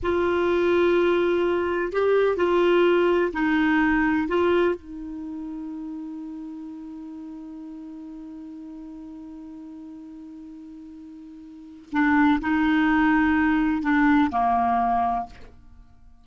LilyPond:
\new Staff \with { instrumentName = "clarinet" } { \time 4/4 \tempo 4 = 126 f'1 | g'4 f'2 dis'4~ | dis'4 f'4 dis'2~ | dis'1~ |
dis'1~ | dis'1~ | dis'4 d'4 dis'2~ | dis'4 d'4 ais2 | }